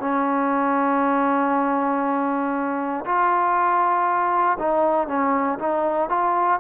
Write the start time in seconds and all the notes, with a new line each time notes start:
0.00 C#4
3.06 F4
4.59 D#4
5.08 C#4
5.59 D#4
6.10 F4